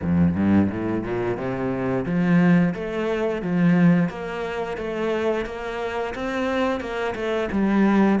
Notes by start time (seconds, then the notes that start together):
0.02 F2
0.35 G2
0.70 A2
1.03 A#2
1.37 C3
2.05 F3
2.74 A3
3.42 F3
4.09 A#3
4.77 A3
5.45 A#3
6.14 C4
6.80 A#3
7.15 A3
7.51 G3